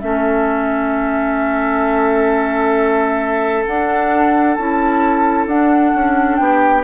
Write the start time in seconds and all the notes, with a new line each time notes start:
0.00 A3 C#4 A4 E5
3.66 D4 F#5
4.54 C#4 E4 A5
5.46 D4 F#5
5.95 C#4
6.35 B3 G4 G5